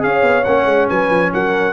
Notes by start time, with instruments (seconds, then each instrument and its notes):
0.00 tuba C#4, trombone G#4, horn C#5, trumpet F5
0.23 tuba B3
0.44 tuba A#3, trombone C#4, trumpet F#5
0.66 tuba G#3
0.90 tuba F#3, horn B4, trumpet G#5
1.11 tuba F3
1.34 tuba F#3, horn A#4, trumpet F#5